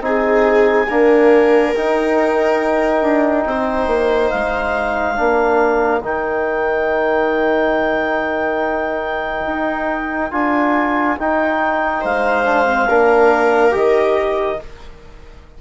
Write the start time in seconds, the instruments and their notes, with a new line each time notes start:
0.00 bassoon C4, trombone D#4, viola G#4, clarinet G#5
0.89 trombone A#3, bassoon D4, viola A#4
1.74 trombone D#4, bassoon D#4, clarinet G5
3.02 bassoon D4
3.46 bassoon C4, viola C5
3.87 bassoon A#3
4.29 bassoon G#3, clarinet F5
5.15 bassoon A#3, trombone D4, viola A#4
6.02 bassoon D#3, trombone D#4, clarinet G5
9.45 bassoon D#4
10.31 bassoon D4, trombone F4, clarinet G#5
11.17 trombone D#4, bassoon D#4, clarinet G5
12.01 bassoon G#3, viola C5, clarinet F5
12.45 trombone D4
12.66 trombone C4
12.89 bassoon A#3, trombone D4, viola A#4
13.71 bassoon D#3, trombone G4, clarinet D#5